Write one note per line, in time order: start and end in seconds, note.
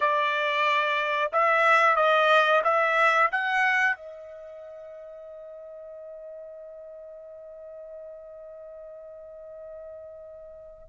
0.00 1.31 D5
1.32 1.96 E5
1.96 2.62 D#5
2.64 3.30 E5
3.31 3.96 F#5
3.96 10.88 D#5